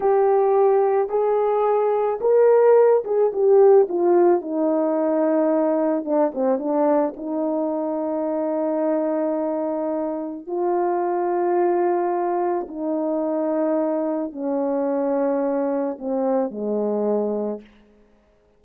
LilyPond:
\new Staff \with { instrumentName = "horn" } { \time 4/4 \tempo 4 = 109 g'2 gis'2 | ais'4. gis'8 g'4 f'4 | dis'2. d'8 c'8 | d'4 dis'2.~ |
dis'2. f'4~ | f'2. dis'4~ | dis'2 cis'2~ | cis'4 c'4 gis2 | }